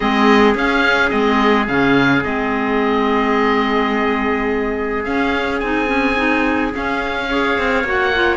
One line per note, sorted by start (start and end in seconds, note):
0.00 0.54 G#3
0.00 0.56 C4
0.00 7.29 G#4
0.00 0.54 D#5
0.54 1.10 C#4
0.54 1.09 F5
1.09 1.67 G#3
1.09 1.66 C4
1.09 1.66 D#5
1.67 2.23 C#3
1.67 2.24 C#4
1.67 2.23 F5
2.23 5.06 G#3
2.23 5.04 C4
2.23 5.04 D#5
5.04 5.61 C#4
5.04 5.62 C#4
5.04 5.59 F5
5.59 6.73 C4
5.59 5.86 D#4
5.59 6.71 G#5
5.86 6.14 C#4
6.16 6.72 D#4
6.72 7.28 C#4
6.72 7.58 C#4
6.72 7.87 F5
7.29 7.85 G#4
7.29 8.36 C#5
7.58 7.83 C4
7.83 8.36 A#3
7.83 8.13 F#4
7.83 8.36 F#5
8.14 8.36 F4